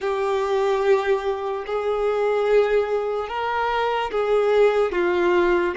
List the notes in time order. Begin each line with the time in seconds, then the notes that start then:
0.00 G4
1.66 G#4
3.28 A#4
4.11 G#4
4.92 F4